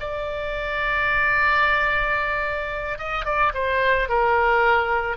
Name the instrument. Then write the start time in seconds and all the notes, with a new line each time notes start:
oboe
0.00 D5
2.99 D#5
3.25 D5
3.54 C5
4.09 A#4